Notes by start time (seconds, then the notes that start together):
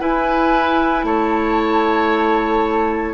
0.00 E4 B4 G#5
1.04 A3 C#5 A5